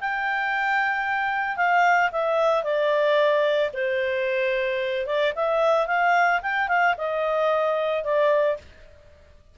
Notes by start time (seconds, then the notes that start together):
0.00 G5
1.56 F5
2.12 E5
2.63 D5
3.73 C5
5.06 D5
5.35 E5
5.87 F5
6.42 G5
6.68 F5
6.97 D#5
8.04 D5